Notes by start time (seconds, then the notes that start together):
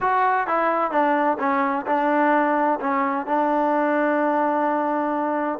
0.01 F#4
0.47 E4
0.91 D4
1.39 C#4
1.86 D4
2.80 C#4
3.26 D4